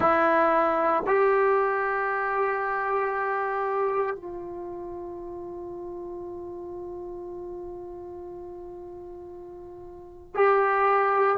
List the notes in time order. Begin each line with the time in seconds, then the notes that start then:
0.00 E4
1.06 G4
4.15 F4
10.34 G4